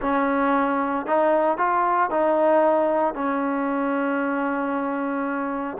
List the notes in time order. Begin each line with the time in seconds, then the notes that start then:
0.01 C#4
1.06 D#4
1.57 F4
2.10 D#4
3.14 C#4